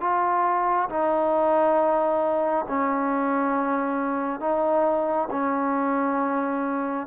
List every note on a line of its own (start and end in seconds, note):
0.00 0.88 F4
0.89 2.65 D#4
2.68 4.40 C#4
4.40 5.28 D#4
5.30 7.07 C#4